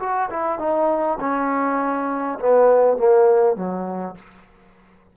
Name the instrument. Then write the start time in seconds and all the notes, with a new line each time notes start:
trombone
0.00 F#4
0.30 E4
0.59 D#4
1.20 C#4
2.40 B3
2.98 A#3
3.56 F#3